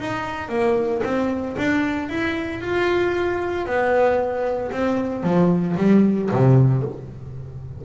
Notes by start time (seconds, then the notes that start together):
0.00 D#4
0.49 A#3
1.04 C4
1.58 D4
2.09 E4
2.61 F4
3.66 B3
4.72 C4
5.24 F3
5.77 G3
6.32 C3